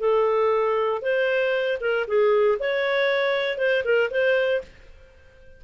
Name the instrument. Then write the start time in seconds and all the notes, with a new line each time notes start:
clarinet
0.00 A4
1.02 C5
1.81 A#4
2.07 G#4
2.59 C#5
3.58 C5
3.85 A#4
4.11 C5